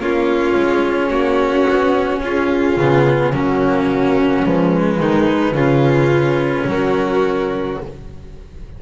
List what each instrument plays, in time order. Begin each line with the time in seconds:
0.00 double bass A#3, cello C#4, violin F4, flute C#5
0.56 double bass G#3
1.10 double bass A#3, violin F#4
1.69 double bass B3
2.20 double bass C#4, violin F4
2.27 flute G#4
2.77 double bass C#3, cello B3
3.33 double bass F#3, cello A#3, violin C#4, flute F#4
4.44 double bass F3, cello G#3, flute B4
5.00 double bass D#3, violin D#4
5.54 double bass C#3, cello C#4, violin F4
6.66 double bass F#3, violin F#4, flute A#4